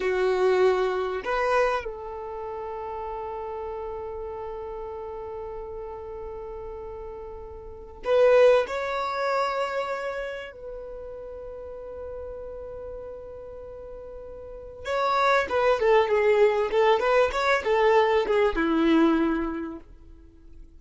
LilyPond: \new Staff \with { instrumentName = "violin" } { \time 4/4 \tempo 4 = 97 fis'2 b'4 a'4~ | a'1~ | a'1~ | a'4 b'4 cis''2~ |
cis''4 b'2.~ | b'1 | cis''4 b'8 a'8 gis'4 a'8 b'8 | cis''8 a'4 gis'8 e'2 | }